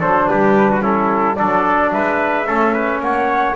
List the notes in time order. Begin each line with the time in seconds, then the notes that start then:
0.00 F#3 D4 A4 C5
0.29 G3 G4 B4
0.71 F#4
0.82 C#4 E4 A4
1.36 F#3 D4 A4 D5
1.92 G#3 B4 E5
2.47 A3 C#4 A4
2.74 B4
3.01 A#3 C#5 F#5